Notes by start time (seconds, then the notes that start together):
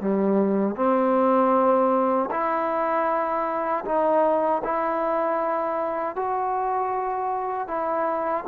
0.00 G3
0.76 C4
2.30 E4
3.85 D#4
4.64 E4
6.15 F#4
7.67 E4